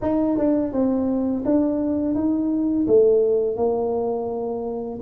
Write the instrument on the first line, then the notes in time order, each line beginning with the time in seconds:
tuba
0.01 D#4
0.37 D4
0.72 C4
1.45 D4
2.14 D#4
2.87 A3
3.56 A#3